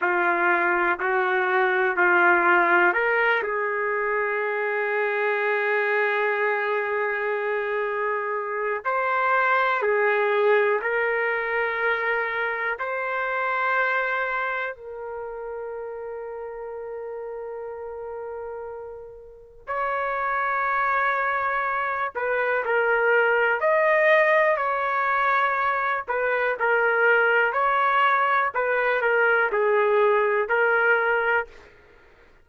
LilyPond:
\new Staff \with { instrumentName = "trumpet" } { \time 4/4 \tempo 4 = 61 f'4 fis'4 f'4 ais'8 gis'8~ | gis'1~ | gis'4 c''4 gis'4 ais'4~ | ais'4 c''2 ais'4~ |
ais'1 | cis''2~ cis''8 b'8 ais'4 | dis''4 cis''4. b'8 ais'4 | cis''4 b'8 ais'8 gis'4 ais'4 | }